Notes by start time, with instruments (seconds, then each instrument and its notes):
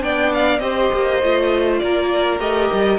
0.00 cello B3, viola D4, violin D5 G5
0.33 violin F5
0.59 cello C4, viola G4, violin C5 D#5
0.93 cello A#3
1.22 cello A3, viola F4
1.79 cello A#3, violin A#4 D5
2.39 cello A3, viola G4, violin D#5
2.73 cello G3